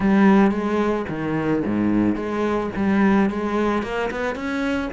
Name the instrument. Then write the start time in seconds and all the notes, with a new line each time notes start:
cello
0.00 G3
0.51 G#3
1.08 D#3
1.65 G#2
2.15 G#3
2.75 G3
3.30 G#3
3.82 A#3
4.10 B3
4.35 C#4